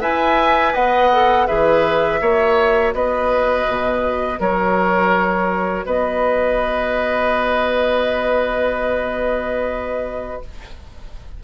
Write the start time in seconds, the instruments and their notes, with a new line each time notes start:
0.00 bassoon E4, clarinet B4, oboe E5, flute G#5
0.73 bassoon B3, oboe D#5, flute F#5
1.12 clarinet A4
1.46 bassoon E3, clarinet G#4, oboe B4, flute E5
2.20 bassoon A#3, clarinet F#4, oboe C#5
2.93 bassoon B3, oboe B4, flute D#5
3.68 bassoon B2
4.39 bassoon F#3, oboe A#4, flute C#5
5.85 bassoon B3, oboe B4, flute D#5